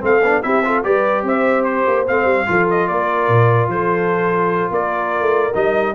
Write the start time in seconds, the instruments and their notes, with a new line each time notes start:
0.00 tuba A3, trombone C4, horn A4, trumpet F5
0.22 tuba B3, trombone D4
0.42 tuba C4, trombone E4, horn G4, trumpet E5
0.64 trombone F4, horn A4
0.83 tuba G3, trombone G4, horn B4, trumpet D5
1.23 tuba C4, horn C5, trumpet E5
1.64 trumpet C5
1.86 tuba A#3
2.06 tuba A3, trombone C4, trumpet F5
2.24 tuba G3
2.46 tuba F3, trombone F4, horn A4
2.70 trumpet D#5
2.87 tuba A#3, horn A#4, trumpet D5
3.28 tuba A#2
3.67 tuba F3, horn A4, trumpet C5
4.71 tuba A#3, horn A#4, trumpet D5
5.21 tuba A3
5.54 tuba G3, trombone D#4, trumpet D#5